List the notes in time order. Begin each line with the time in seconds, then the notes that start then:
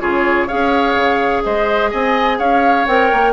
0.00 C#3 F4 G#4 C#5
0.47 C#4 G#4 C#5 F5
0.95 C#3
1.43 G#3 C5 D#5
1.90 C4 D#5 G#5
2.38 C#4 C#5 F5
2.87 C4 A#4 G5
3.12 A#3